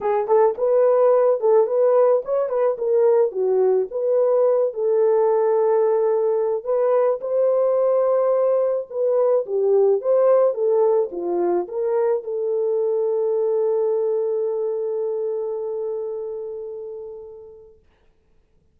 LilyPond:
\new Staff \with { instrumentName = "horn" } { \time 4/4 \tempo 4 = 108 gis'8 a'8 b'4. a'8 b'4 | cis''8 b'8 ais'4 fis'4 b'4~ | b'8 a'2.~ a'8 | b'4 c''2. |
b'4 g'4 c''4 a'4 | f'4 ais'4 a'2~ | a'1~ | a'1 | }